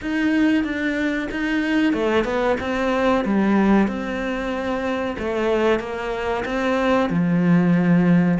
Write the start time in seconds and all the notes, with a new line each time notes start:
0.01 D#4
0.63 D4
1.31 D#4
1.93 A3
2.24 B3
2.60 C4
3.24 G3
3.87 C4
5.18 A3
5.79 A#3
6.45 C4
7.09 F3